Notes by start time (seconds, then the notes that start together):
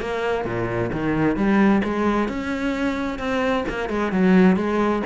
0.00 A#3
0.45 A#2
0.92 D#3
1.36 G3
1.84 G#3
2.28 C#4
3.19 C4
3.69 A#3
3.89 G#3
4.12 F#3
4.56 G#3